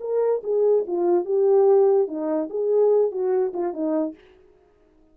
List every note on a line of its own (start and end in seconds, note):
0.00 0.41 A#4
0.43 0.85 G#4
0.87 1.25 F4
1.25 2.07 G4
2.07 2.49 D#4
2.50 3.11 G#4
3.11 3.52 F#4
3.53 3.73 F4
3.73 4.14 D#4